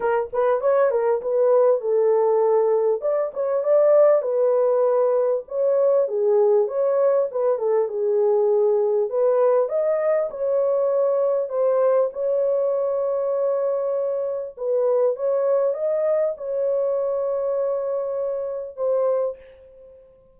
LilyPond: \new Staff \with { instrumentName = "horn" } { \time 4/4 \tempo 4 = 99 ais'8 b'8 cis''8 ais'8 b'4 a'4~ | a'4 d''8 cis''8 d''4 b'4~ | b'4 cis''4 gis'4 cis''4 | b'8 a'8 gis'2 b'4 |
dis''4 cis''2 c''4 | cis''1 | b'4 cis''4 dis''4 cis''4~ | cis''2. c''4 | }